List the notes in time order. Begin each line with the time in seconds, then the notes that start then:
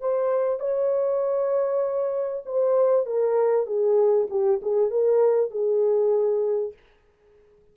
0.00 C5
0.59 C#5
2.45 C5
3.06 A#4
3.66 G#4
4.30 G4
4.61 G#4
4.90 A#4
5.50 G#4